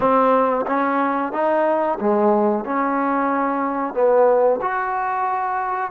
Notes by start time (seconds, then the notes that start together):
0.00 C4
0.66 C#4
1.32 D#4
2.00 G#3
2.64 C#4
3.94 B3
4.61 F#4